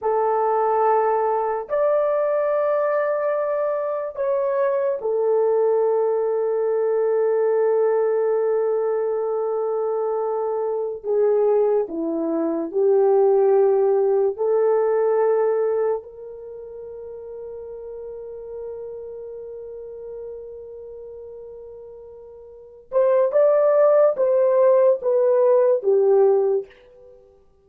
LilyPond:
\new Staff \with { instrumentName = "horn" } { \time 4/4 \tempo 4 = 72 a'2 d''2~ | d''4 cis''4 a'2~ | a'1~ | a'4~ a'16 gis'4 e'4 g'8.~ |
g'4~ g'16 a'2 ais'8.~ | ais'1~ | ais'2.~ ais'8 c''8 | d''4 c''4 b'4 g'4 | }